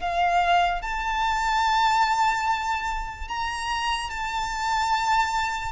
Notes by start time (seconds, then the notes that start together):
0.00 F5
0.82 A5
3.28 A#5
4.10 A5